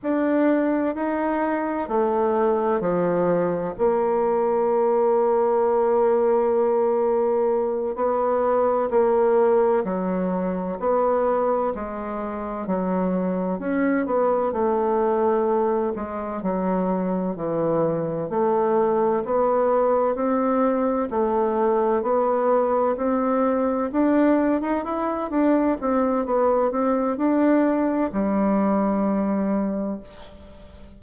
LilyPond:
\new Staff \with { instrumentName = "bassoon" } { \time 4/4 \tempo 4 = 64 d'4 dis'4 a4 f4 | ais1~ | ais8 b4 ais4 fis4 b8~ | b8 gis4 fis4 cis'8 b8 a8~ |
a4 gis8 fis4 e4 a8~ | a8 b4 c'4 a4 b8~ | b8 c'4 d'8. dis'16 e'8 d'8 c'8 | b8 c'8 d'4 g2 | }